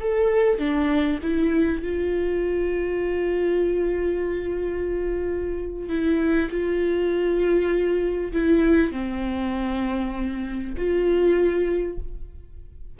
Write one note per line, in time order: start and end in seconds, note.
0.00 0.58 A4
0.58 1.19 D4
1.22 1.83 E4
1.83 5.89 F4
5.89 6.49 E4
6.50 8.32 F4
8.33 8.92 E4
8.92 10.74 C4
10.77 11.98 F4